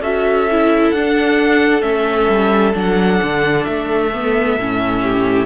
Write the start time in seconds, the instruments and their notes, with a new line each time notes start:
0.00 cello C#4, viola F#4, violin A4 E5
0.51 viola E4
0.91 cello D4, viola D4, violin F#5
1.81 cello A3, viola C#4, violin E5
2.28 cello G3
2.74 cello F#3, viola D4, violin F#5
3.22 cello D3
3.64 cello A3, violin E5
4.13 viola B3
4.57 cello A2, viola C#4
5.02 violin G4